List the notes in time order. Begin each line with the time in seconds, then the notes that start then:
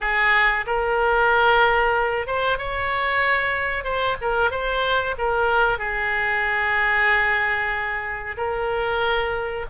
0.01 G#4
0.66 A#4
2.26 C5
2.58 C#5
3.84 C5
4.21 A#4
4.50 C5
5.18 A#4
5.78 G#4
8.37 A#4